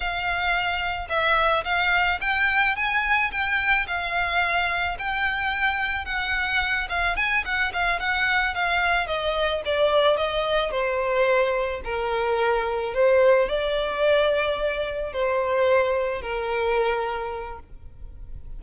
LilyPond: \new Staff \with { instrumentName = "violin" } { \time 4/4 \tempo 4 = 109 f''2 e''4 f''4 | g''4 gis''4 g''4 f''4~ | f''4 g''2 fis''4~ | fis''8 f''8 gis''8 fis''8 f''8 fis''4 f''8~ |
f''8 dis''4 d''4 dis''4 c''8~ | c''4. ais'2 c''8~ | c''8 d''2. c''8~ | c''4. ais'2~ ais'8 | }